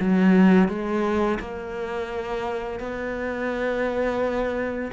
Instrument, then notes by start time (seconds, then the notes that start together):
cello
0.00 F#3
0.68 G#3
1.40 A#3
2.79 B3